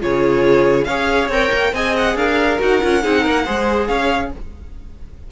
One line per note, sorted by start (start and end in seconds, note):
0.00 0.87 C#3
0.00 0.86 F4
0.00 0.87 G#4
0.00 0.85 C#5
0.85 1.28 C#4
0.85 1.32 G#4
0.85 1.73 C#5
0.85 1.27 F5
1.28 1.50 C4
1.28 1.75 A#4
1.28 1.75 G5
1.52 1.73 A#3
1.73 2.15 C4
1.73 2.60 G#4
1.73 2.16 D#5
1.73 1.96 G#5
1.97 2.17 F#5
2.15 2.58 D4
2.15 3.03 A#4
2.15 2.60 F5
2.60 2.83 D#4
2.60 2.81 F#4
2.60 3.87 F#5
2.82 3.05 C#4
2.82 3.02 F4
3.02 3.26 C4
3.02 3.45 D#4
3.02 3.21 G#4
3.21 3.48 A#3
3.21 3.43 A#4
3.45 3.89 G#3
3.45 4.32 G#4
3.45 3.88 C5
3.87 4.31 C#4
3.87 4.32 C#5
3.87 4.30 F5